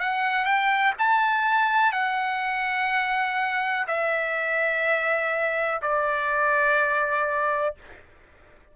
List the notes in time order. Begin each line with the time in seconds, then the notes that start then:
0.00 F#5
0.45 G5
0.99 A5
1.92 F#5
3.87 E5
5.82 D5